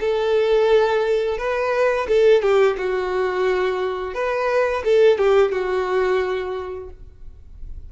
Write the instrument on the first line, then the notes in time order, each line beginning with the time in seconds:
violin
0.00 A4
1.38 B4
2.08 A4
2.42 G4
2.77 F#4
4.14 B4
4.84 A4
5.18 G4
5.51 F#4